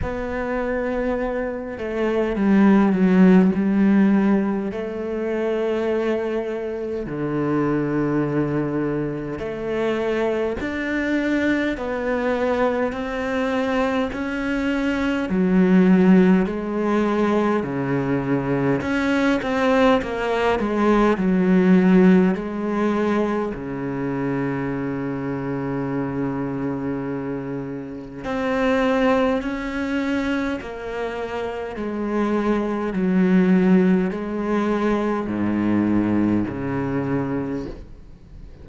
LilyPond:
\new Staff \with { instrumentName = "cello" } { \time 4/4 \tempo 4 = 51 b4. a8 g8 fis8 g4 | a2 d2 | a4 d'4 b4 c'4 | cis'4 fis4 gis4 cis4 |
cis'8 c'8 ais8 gis8 fis4 gis4 | cis1 | c'4 cis'4 ais4 gis4 | fis4 gis4 gis,4 cis4 | }